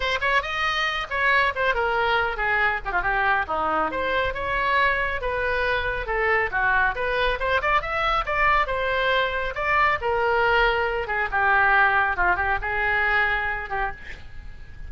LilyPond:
\new Staff \with { instrumentName = "oboe" } { \time 4/4 \tempo 4 = 138 c''8 cis''8 dis''4. cis''4 c''8 | ais'4. gis'4 g'16 f'16 g'4 | dis'4 c''4 cis''2 | b'2 a'4 fis'4 |
b'4 c''8 d''8 e''4 d''4 | c''2 d''4 ais'4~ | ais'4. gis'8 g'2 | f'8 g'8 gis'2~ gis'8 g'8 | }